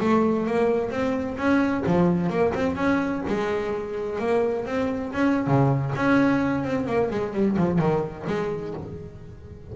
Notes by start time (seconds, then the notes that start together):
0.00 A3
0.46 A#3
0.90 C4
1.38 C#4
1.86 F3
2.30 A#3
2.54 C4
2.76 C#4
3.27 G#3
4.19 A#3
4.66 C4
5.13 C#4
5.47 C#3
5.96 C#4
6.64 C4
6.86 A#3
7.10 G#3
7.33 G3
7.57 F3
7.79 D#3
8.27 G#3